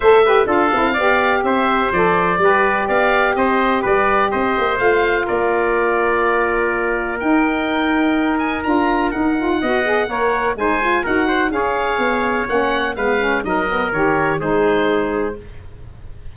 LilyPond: <<
  \new Staff \with { instrumentName = "oboe" } { \time 4/4 \tempo 4 = 125 e''4 f''2 e''4 | d''2 f''4 dis''4 | d''4 dis''4 f''4 d''4~ | d''2. g''4~ |
g''4. gis''8 ais''4 fis''4~ | fis''2 gis''4 fis''4 | f''2 fis''4 f''4 | dis''4 cis''4 c''2 | }
  \new Staff \with { instrumentName = "trumpet" } { \time 4/4 c''8 b'8 a'4 d''4 c''4~ | c''4 b'4 d''4 c''4 | b'4 c''2 ais'4~ | ais'1~ |
ais'1 | dis''4 cis''4 c''4 ais'8 c''8 | cis''2. b'4 | ais'2 gis'2 | }
  \new Staff \with { instrumentName = "saxophone" } { \time 4/4 a'8 g'8 f'8 e'8 g'2 | a'4 g'2.~ | g'2 f'2~ | f'2. dis'4~ |
dis'2 f'4 dis'8 f'8 | fis'8 gis'8 ais'4 dis'8 f'8 fis'4 | gis'2 cis'4 b8 cis'8 | dis'8 b8 g'4 dis'2 | }
  \new Staff \with { instrumentName = "tuba" } { \time 4/4 a4 d'8 c'8 b4 c'4 | f4 g4 b4 c'4 | g4 c'8 ais8 a4 ais4~ | ais2. dis'4~ |
dis'2 d'4 dis'4 | b4 ais4 gis4 dis'4 | cis'4 b4 ais4 gis4 | fis4 dis4 gis2 | }
>>